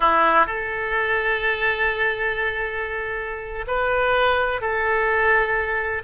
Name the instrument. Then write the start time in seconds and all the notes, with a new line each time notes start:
oboe
0.00 E4
0.46 A4
3.67 B4
4.61 A4